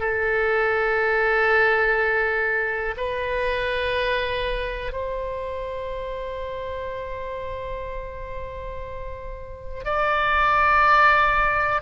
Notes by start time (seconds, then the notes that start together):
0.00 A4
2.97 B4
4.93 C5
9.85 D5